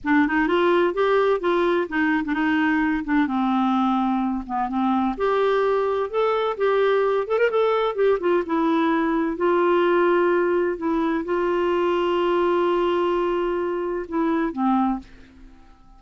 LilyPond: \new Staff \with { instrumentName = "clarinet" } { \time 4/4 \tempo 4 = 128 d'8 dis'8 f'4 g'4 f'4 | dis'8. d'16 dis'4. d'8 c'4~ | c'4. b8 c'4 g'4~ | g'4 a'4 g'4. a'16 ais'16 |
a'4 g'8 f'8 e'2 | f'2. e'4 | f'1~ | f'2 e'4 c'4 | }